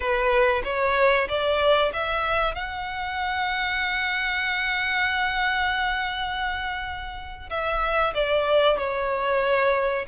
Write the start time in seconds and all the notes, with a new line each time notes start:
0.00 B4
0.64 C#5
1.28 D5
1.93 E5
2.54 F#5
7.49 E5
8.14 D5
8.78 C#5